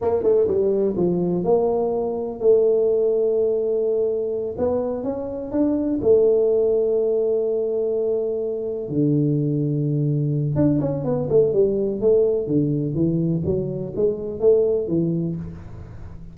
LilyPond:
\new Staff \with { instrumentName = "tuba" } { \time 4/4 \tempo 4 = 125 ais8 a8 g4 f4 ais4~ | ais4 a2.~ | a4. b4 cis'4 d'8~ | d'8 a2.~ a8~ |
a2~ a8 d4.~ | d2 d'8 cis'8 b8 a8 | g4 a4 d4 e4 | fis4 gis4 a4 e4 | }